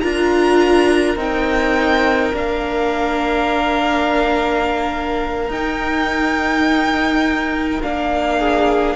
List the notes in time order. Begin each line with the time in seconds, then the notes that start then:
0.00 D4 F4 A#4 A#5
1.16 C4 D#4 G5
2.33 A#3 D4 F5
5.48 D#4 G5
7.82 A#3 D4 F5
8.38 G#4